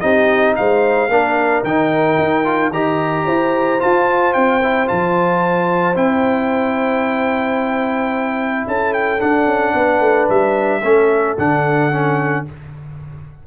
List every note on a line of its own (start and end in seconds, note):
0.00 0.57 C4
0.00 1.09 D#4
0.00 0.55 G4
0.00 0.54 D#5
0.56 1.08 G#3
0.56 1.10 C5
0.56 1.64 F5
1.08 1.62 A#3
1.08 1.65 D4
1.08 2.73 A#4
1.63 2.17 D#3
1.63 2.44 D#4
1.63 2.72 G5
2.18 2.70 D#4
2.44 2.71 F4
2.70 3.24 D#3
2.70 3.79 G4
2.70 3.26 D#5
2.70 3.81 A#5
3.26 3.81 E4
3.26 8.66 C5
3.79 4.60 F4
3.79 4.35 F4
3.79 4.33 A5
4.33 4.89 C4
4.33 4.87 G5
4.62 4.86 E4
4.86 5.96 F3
4.86 5.94 F4
4.86 5.96 A5
5.95 8.66 C4
5.95 9.19 E4
5.95 8.67 G5
8.67 9.21 C#4
8.67 9.74 A4
8.67 8.93 A5
8.93 9.20 G5
9.19 10.81 D4
9.19 9.46 D4
9.19 10.28 F#5
9.46 9.73 C#4
9.74 10.00 B3
9.74 10.81 B4
10.00 10.27 A3
10.29 10.83 G3
10.29 11.37 E5
10.81 11.37 A3
10.81 11.37 C#4
10.81 12.44 A4
11.38 12.46 D3
11.38 11.91 D4
11.38 12.46 F#5
11.91 12.45 C#4